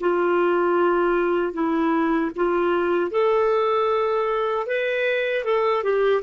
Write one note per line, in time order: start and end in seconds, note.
0.00 1.53 F4
1.53 2.31 E4
2.36 3.11 F4
3.11 4.66 A4
4.66 5.44 B4
5.44 5.83 A4
5.83 6.22 G4